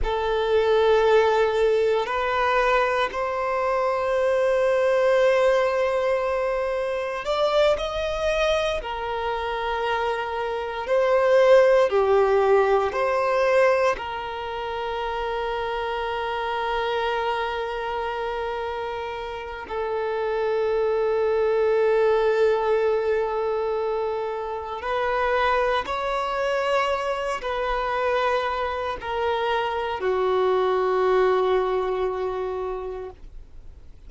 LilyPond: \new Staff \with { instrumentName = "violin" } { \time 4/4 \tempo 4 = 58 a'2 b'4 c''4~ | c''2. d''8 dis''8~ | dis''8 ais'2 c''4 g'8~ | g'8 c''4 ais'2~ ais'8~ |
ais'2. a'4~ | a'1 | b'4 cis''4. b'4. | ais'4 fis'2. | }